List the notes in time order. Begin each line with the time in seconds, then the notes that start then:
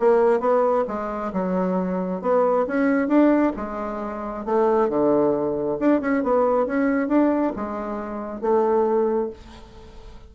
0.00 A#3
0.40 B3
0.88 G#3
1.33 F#3
2.22 B3
2.68 C#4
3.08 D4
3.57 G#3
4.45 A3
4.89 D3
5.80 D4
6.01 C#4
6.24 B3
6.67 C#4
7.08 D4
7.56 G#3
8.41 A3